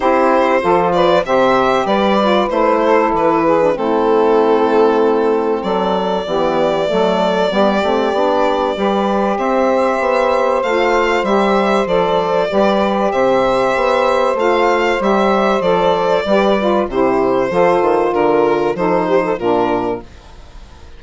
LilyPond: <<
  \new Staff \with { instrumentName = "violin" } { \time 4/4 \tempo 4 = 96 c''4. d''8 e''4 d''4 | c''4 b'4 a'2~ | a'4 d''2.~ | d''2. e''4~ |
e''4 f''4 e''4 d''4~ | d''4 e''2 f''4 | e''4 d''2 c''4~ | c''4 ais'4 c''4 ais'4 | }
  \new Staff \with { instrumentName = "saxophone" } { \time 4/4 g'4 a'8 b'8 c''4 b'4~ | b'8 a'4 gis'8 e'2~ | e'4 a'4 g'4 a'4 | g'2 b'4 c''4~ |
c''1 | b'4 c''2.~ | c''2 b'4 g'4 | a'4 ais'4 a'8 g'16 a'16 f'4 | }
  \new Staff \with { instrumentName = "saxophone" } { \time 4/4 e'4 f'4 g'4. f'8 | e'4.~ e'16 d'16 c'2~ | c'2 b4 a4 | b8 c'8 d'4 g'2~ |
g'4 f'4 g'4 a'4 | g'2. f'4 | g'4 a'4 g'8 f'8 e'4 | f'2 dis'4 d'4 | }
  \new Staff \with { instrumentName = "bassoon" } { \time 4/4 c'4 f4 c4 g4 | a4 e4 a2~ | a4 fis4 e4 fis4 | g8 a8 b4 g4 c'4 |
b4 a4 g4 f4 | g4 c4 b4 a4 | g4 f4 g4 c4 | f8 dis8 d4 f4 ais,4 | }
>>